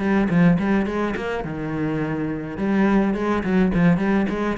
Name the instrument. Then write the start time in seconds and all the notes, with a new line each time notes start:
cello
0.00 G3
0.30 F3
0.59 G3
0.86 G#3
1.17 A#3
1.45 D#3
2.58 G3
3.15 G#3
3.44 F#3
3.75 F3
3.98 G3
4.30 G#3